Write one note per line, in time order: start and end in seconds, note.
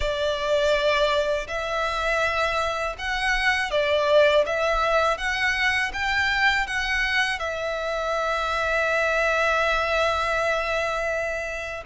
0.00 1.47 D5
1.47 2.96 E5
2.98 3.70 F#5
3.70 4.44 D5
4.46 5.17 E5
5.17 5.91 F#5
5.93 6.67 G5
6.67 7.39 F#5
7.39 11.83 E5